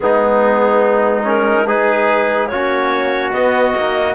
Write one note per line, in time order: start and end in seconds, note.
0.00 2.52 G#3
0.00 1.23 B3
0.00 1.66 D#4
0.00 1.23 G#4
1.23 1.64 C#4
1.23 1.67 A#4
1.66 2.50 D#4
1.66 2.49 G#4
1.66 2.47 B4
2.47 3.32 A#3
2.47 3.34 C#4
2.47 4.15 F#4
2.47 3.31 C#5
3.32 3.74 B3
3.32 3.77 B3
3.32 4.15 D#5
3.75 4.15 A#3
3.75 4.15 D#4